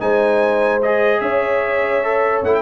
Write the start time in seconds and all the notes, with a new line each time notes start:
0.00 G#3 D#4 C5 G#5
0.83 G#4 D#5
1.21 C#4 C#5 E5
2.04 A4
2.44 A3 E4 F#5
2.55 G5